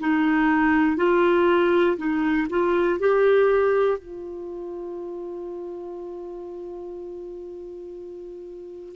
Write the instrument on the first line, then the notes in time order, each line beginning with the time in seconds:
clarinet
0.00 D#4
0.97 F4
1.97 D#4
2.49 F4
2.99 G4
3.98 F4